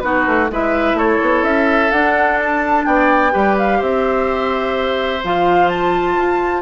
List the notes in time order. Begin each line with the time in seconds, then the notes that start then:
0.00 B3 D#4 F#4 B4
0.26 A3
0.51 G#3 E4 B4 E5
0.94 A3 A4 C#5
1.22 B3
1.43 C#4 E5
1.91 D4 F#5
2.40 A5
2.85 B3 D5 G5
3.31 G3 G4 B4
3.58 F5
3.78 C4 C5 E5
5.23 F3 F4 F5
5.68 A5
6.17 F4